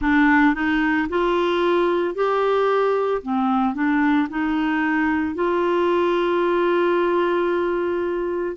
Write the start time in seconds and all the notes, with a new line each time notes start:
0.00 D4
0.54 D#4
1.09 F4
2.14 G4
3.22 C4
3.74 D4
4.29 D#4
5.35 F4